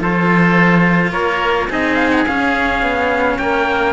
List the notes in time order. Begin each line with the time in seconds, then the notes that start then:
0.00 F3 F4 A4 C5
1.12 A#3 A#4 C#5
1.70 C4 D#4 G#4 D#5
1.95 F5
2.12 F#5
2.27 C#4 F5
2.82 B3
3.38 A#3 A#4 G5